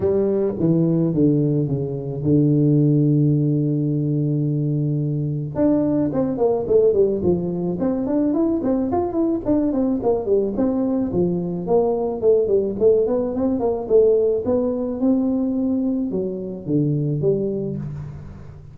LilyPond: \new Staff \with { instrumentName = "tuba" } { \time 4/4 \tempo 4 = 108 g4 e4 d4 cis4 | d1~ | d2 d'4 c'8 ais8 | a8 g8 f4 c'8 d'8 e'8 c'8 |
f'8 e'8 d'8 c'8 ais8 g8 c'4 | f4 ais4 a8 g8 a8 b8 | c'8 ais8 a4 b4 c'4~ | c'4 fis4 d4 g4 | }